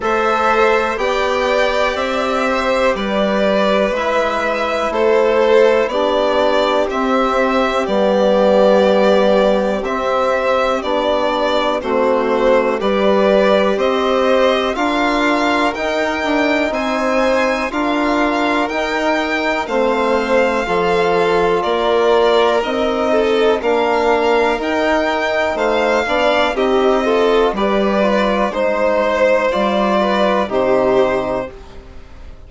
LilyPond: <<
  \new Staff \with { instrumentName = "violin" } { \time 4/4 \tempo 4 = 61 e''4 g''4 e''4 d''4 | e''4 c''4 d''4 e''4 | d''2 e''4 d''4 | c''4 d''4 dis''4 f''4 |
g''4 gis''4 f''4 g''4 | f''2 d''4 dis''4 | f''4 g''4 f''4 dis''4 | d''4 c''4 d''4 c''4 | }
  \new Staff \with { instrumentName = "violin" } { \time 4/4 c''4 d''4. c''8 b'4~ | b'4 a'4 g'2~ | g'1 | fis'4 b'4 c''4 ais'4~ |
ais'4 c''4 ais'2 | c''4 a'4 ais'4. a'8 | ais'2 c''8 d''8 g'8 a'8 | b'4 c''4. b'8 g'4 | }
  \new Staff \with { instrumentName = "trombone" } { \time 4/4 a'4 g'2. | e'2 d'4 c'4 | b2 c'4 d'4 | c'4 g'2 f'4 |
dis'2 f'4 dis'4 | c'4 f'2 dis'4 | d'4 dis'4. d'8 dis'8 f'8 | g'8 f'8 dis'4 f'4 dis'4 | }
  \new Staff \with { instrumentName = "bassoon" } { \time 4/4 a4 b4 c'4 g4 | gis4 a4 b4 c'4 | g2 c'4 b4 | a4 g4 c'4 d'4 |
dis'8 d'8 c'4 d'4 dis'4 | a4 f4 ais4 c'4 | ais4 dis'4 a8 b8 c'4 | g4 gis4 g4 c4 | }
>>